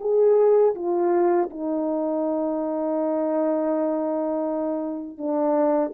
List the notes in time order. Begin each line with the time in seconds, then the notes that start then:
0.00 G#4
0.75 F4
1.50 D#4
5.18 D4